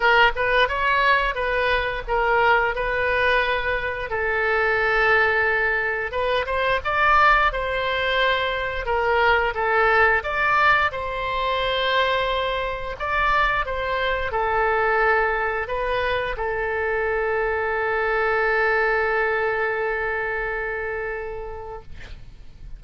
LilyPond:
\new Staff \with { instrumentName = "oboe" } { \time 4/4 \tempo 4 = 88 ais'8 b'8 cis''4 b'4 ais'4 | b'2 a'2~ | a'4 b'8 c''8 d''4 c''4~ | c''4 ais'4 a'4 d''4 |
c''2. d''4 | c''4 a'2 b'4 | a'1~ | a'1 | }